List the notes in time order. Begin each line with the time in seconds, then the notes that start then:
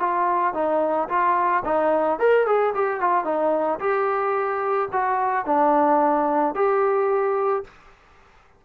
0.00 F4
0.54 D#4
1.09 F4
1.65 D#4
2.19 A#4
2.47 G#4
2.75 G4
3.00 F4
3.25 D#4
3.80 G4
4.93 F#4
5.46 D4
6.55 G4